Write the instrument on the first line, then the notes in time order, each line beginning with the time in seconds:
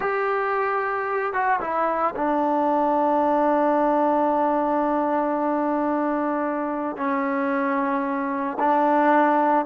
trombone
0.00 G4
1.33 F#4
1.60 E4
2.15 D4
6.96 C#4
8.59 D4